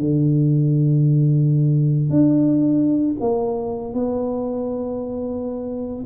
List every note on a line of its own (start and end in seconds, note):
0.00 2.10 D3
2.10 3.15 D4
3.20 3.94 A#3
3.94 6.05 B3